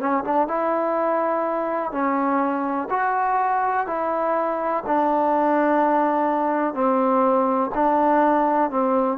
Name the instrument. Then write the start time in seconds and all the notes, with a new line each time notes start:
trombone
0.00 C#4
0.24 D4
0.48 E4
1.92 C#4
2.90 F#4
3.87 E4
4.87 D4
6.74 C4
7.75 D4
8.71 C4